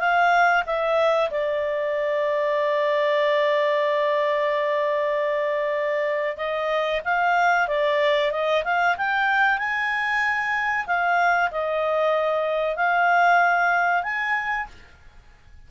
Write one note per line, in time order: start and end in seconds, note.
0.00 0.64 F5
0.66 1.30 E5
1.31 6.37 D5
6.37 7.01 D#5
7.05 7.68 F5
7.68 8.32 D5
8.32 8.63 D#5
8.64 8.96 F5
8.97 9.58 G5
9.58 10.86 G#5
10.87 11.50 F5
11.51 12.76 D#5
12.76 14.03 F5
14.03 14.67 G#5